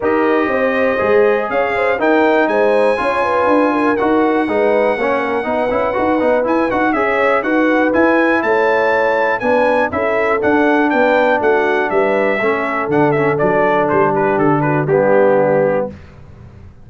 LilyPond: <<
  \new Staff \with { instrumentName = "trumpet" } { \time 4/4 \tempo 4 = 121 dis''2. f''4 | g''4 gis''2. | fis''1~ | fis''4 gis''8 fis''8 e''4 fis''4 |
gis''4 a''2 gis''4 | e''4 fis''4 g''4 fis''4 | e''2 fis''8 e''8 d''4 | c''8 b'8 a'8 b'8 g'2 | }
  \new Staff \with { instrumentName = "horn" } { \time 4/4 ais'4 c''2 cis''8 c''8 | ais'4 c''4 cis''8 b'4 ais'8~ | ais'4 b'4 cis''8 ais'8 b'4~ | b'2 cis''4 b'4~ |
b'4 cis''2 b'4 | a'2 b'4 fis'4 | b'4 a'2.~ | a'8 g'4 fis'8 d'2 | }
  \new Staff \with { instrumentName = "trombone" } { \time 4/4 g'2 gis'2 | dis'2 f'2 | fis'4 dis'4 cis'4 dis'8 e'8 | fis'8 dis'8 e'8 fis'8 gis'4 fis'4 |
e'2. d'4 | e'4 d'2.~ | d'4 cis'4 d'8 cis'8 d'4~ | d'2 b2 | }
  \new Staff \with { instrumentName = "tuba" } { \time 4/4 dis'4 c'4 gis4 cis'4 | dis'4 gis4 cis'4 d'4 | dis'4 gis4 ais4 b8 cis'8 | dis'8 b8 e'8 dis'8 cis'4 dis'4 |
e'4 a2 b4 | cis'4 d'4 b4 a4 | g4 a4 d4 fis4 | g4 d4 g2 | }
>>